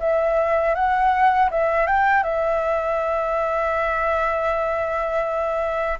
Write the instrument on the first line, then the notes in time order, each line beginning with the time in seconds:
flute
0.00 E5
0.75 F#5
1.51 E5
1.86 G5
2.23 E5